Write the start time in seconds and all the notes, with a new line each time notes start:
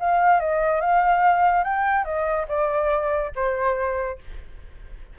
0.00 F5
0.40 D#5
0.81 F5
1.64 G5
2.05 D#5
2.48 D5
3.35 C5